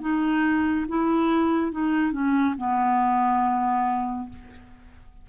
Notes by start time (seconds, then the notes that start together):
0.00 D#4
0.88 E4
1.71 D#4
2.12 C#4
2.58 B3